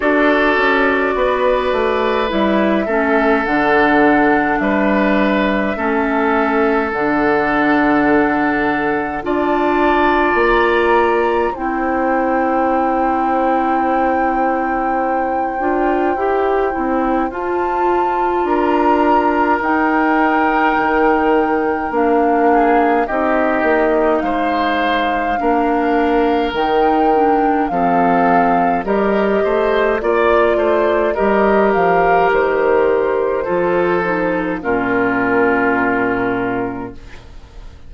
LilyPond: <<
  \new Staff \with { instrumentName = "flute" } { \time 4/4 \tempo 4 = 52 d''2 e''4 fis''4 | e''2 fis''2 | a''4 ais''4 g''2~ | g''2. a''4 |
ais''4 g''2 f''4 | dis''4 f''2 g''4 | f''4 dis''4 d''4 dis''8 f''8 | c''2 ais'2 | }
  \new Staff \with { instrumentName = "oboe" } { \time 4/4 a'4 b'4. a'4. | b'4 a'2. | d''2 c''2~ | c''1 |
ais'2.~ ais'8 gis'8 | g'4 c''4 ais'2 | a'4 ais'8 c''8 d''8 c''8 ais'4~ | ais'4 a'4 f'2 | }
  \new Staff \with { instrumentName = "clarinet" } { \time 4/4 fis'2 e'8 cis'8 d'4~ | d'4 cis'4 d'2 | f'2 e'2~ | e'4. f'8 g'8 e'8 f'4~ |
f'4 dis'2 d'4 | dis'2 d'4 dis'8 d'8 | c'4 g'4 f'4 g'4~ | g'4 f'8 dis'8 cis'2 | }
  \new Staff \with { instrumentName = "bassoon" } { \time 4/4 d'8 cis'8 b8 a8 g8 a8 d4 | g4 a4 d2 | d'4 ais4 c'2~ | c'4. d'8 e'8 c'8 f'4 |
d'4 dis'4 dis4 ais4 | c'8 ais8 gis4 ais4 dis4 | f4 g8 a8 ais8 a8 g8 f8 | dis4 f4 ais,2 | }
>>